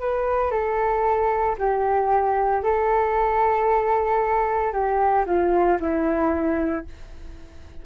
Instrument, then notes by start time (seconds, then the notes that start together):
flute
0.00 B4
0.51 A4
1.58 G4
2.63 A4
4.73 G4
5.26 F4
5.81 E4